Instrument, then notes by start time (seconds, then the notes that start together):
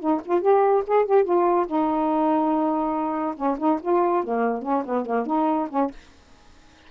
saxophone
0.00 D#4
0.25 F4
0.42 G4
0.87 G#4
1.05 G4
1.24 F4
1.67 D#4
3.36 C#4
3.59 D#4
3.82 F4
4.24 A#3
4.62 C#4
4.85 B3
5.06 A#3
5.26 D#4
5.70 C#4